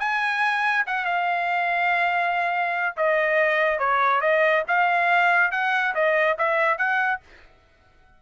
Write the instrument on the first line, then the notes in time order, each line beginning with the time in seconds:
trumpet
0.00 G#5
0.87 F#5
1.05 F5
2.97 D#5
3.79 C#5
4.21 D#5
4.68 F5
5.52 F#5
5.95 D#5
6.39 E5
6.78 F#5